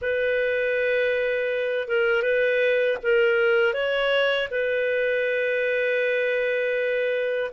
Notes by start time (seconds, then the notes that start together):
0.01 B4
1.88 A#4
2.22 B4
3.02 A#4
3.73 C#5
4.50 B4